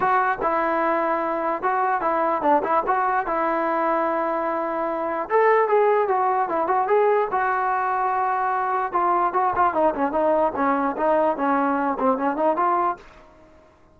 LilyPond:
\new Staff \with { instrumentName = "trombone" } { \time 4/4 \tempo 4 = 148 fis'4 e'2. | fis'4 e'4 d'8 e'8 fis'4 | e'1~ | e'4 a'4 gis'4 fis'4 |
e'8 fis'8 gis'4 fis'2~ | fis'2 f'4 fis'8 f'8 | dis'8 cis'8 dis'4 cis'4 dis'4 | cis'4. c'8 cis'8 dis'8 f'4 | }